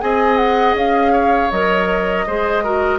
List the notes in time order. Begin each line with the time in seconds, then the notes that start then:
0.00 C4 G#4 D#5 G#5
0.37 F#5
0.74 C#4 F5
1.12 C#5
1.51 F#3 A#4 D#5
2.27 G#3 G#4 C5
2.63 F#4 A#4